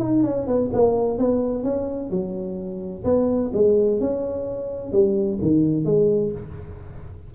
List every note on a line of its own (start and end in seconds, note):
0.00 0.23 D#4
0.23 0.47 C#4
0.47 0.71 B3
0.73 1.18 A#3
1.18 1.63 B3
1.63 2.10 C#4
2.10 3.04 F#3
3.04 3.51 B3
3.53 4.00 G#3
4.00 4.92 C#4
4.92 5.39 G3
5.42 5.85 D#3
5.85 6.32 G#3